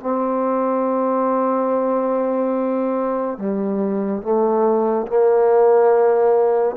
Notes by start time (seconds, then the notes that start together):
0.00 C4
3.38 G3
4.22 A3
5.07 A#3